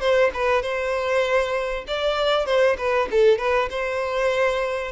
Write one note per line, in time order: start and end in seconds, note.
0.00 0.31 C5
0.34 0.62 B4
0.62 1.85 C5
1.88 2.46 D5
2.46 2.77 C5
2.78 3.09 B4
3.11 3.38 A4
3.38 3.69 B4
3.70 4.92 C5